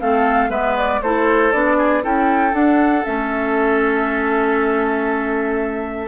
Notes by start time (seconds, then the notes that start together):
0.00 A3 C4 A4 F5
0.49 G#3 B3 B4 E5
0.77 D5
1.02 A3 E4 A4 C5
1.52 B3 D4 D5
1.77 G#4
2.02 C#4 E4 A4 G5
2.51 D4 F#5
3.04 A3 C#4 E5